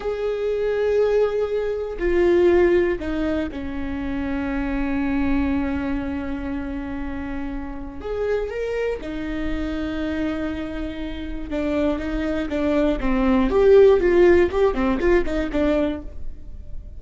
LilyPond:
\new Staff \with { instrumentName = "viola" } { \time 4/4 \tempo 4 = 120 gis'1 | f'2 dis'4 cis'4~ | cis'1~ | cis'1 |
gis'4 ais'4 dis'2~ | dis'2. d'4 | dis'4 d'4 c'4 g'4 | f'4 g'8 c'8 f'8 dis'8 d'4 | }